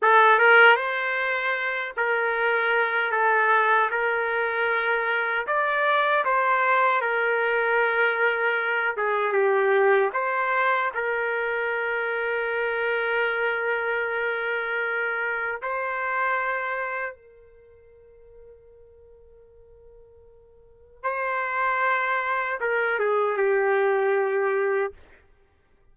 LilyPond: \new Staff \with { instrumentName = "trumpet" } { \time 4/4 \tempo 4 = 77 a'8 ais'8 c''4. ais'4. | a'4 ais'2 d''4 | c''4 ais'2~ ais'8 gis'8 | g'4 c''4 ais'2~ |
ais'1 | c''2 ais'2~ | ais'2. c''4~ | c''4 ais'8 gis'8 g'2 | }